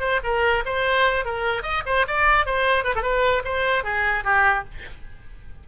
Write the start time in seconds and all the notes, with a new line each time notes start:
0.00 C5
0.23 A#4
0.65 C5
1.25 A#4
1.63 D#5
1.86 C5
2.07 D5
2.46 C5
2.84 B4
2.95 A4
3.02 B4
3.44 C5
3.84 G#4
4.24 G4